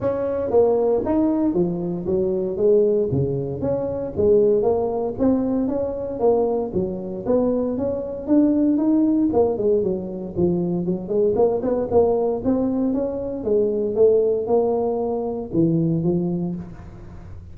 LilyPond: \new Staff \with { instrumentName = "tuba" } { \time 4/4 \tempo 4 = 116 cis'4 ais4 dis'4 f4 | fis4 gis4 cis4 cis'4 | gis4 ais4 c'4 cis'4 | ais4 fis4 b4 cis'4 |
d'4 dis'4 ais8 gis8 fis4 | f4 fis8 gis8 ais8 b8 ais4 | c'4 cis'4 gis4 a4 | ais2 e4 f4 | }